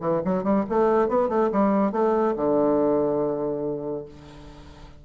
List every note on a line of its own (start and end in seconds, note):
0.00 0.21 E3
0.25 0.43 F#3
0.43 0.64 G3
0.69 1.08 A3
1.08 1.28 B3
1.28 1.50 A3
1.52 1.92 G3
1.92 2.34 A3
2.36 4.05 D3